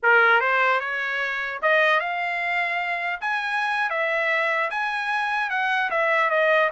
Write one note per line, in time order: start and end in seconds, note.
0.02 0.40 A#4
0.40 0.80 C5
0.80 1.60 C#5
1.62 1.99 D#5
1.99 3.19 F5
3.21 3.89 G#5
3.89 4.69 E5
4.70 5.50 G#5
5.50 5.90 F#5
5.90 6.30 E5
6.30 6.70 D#5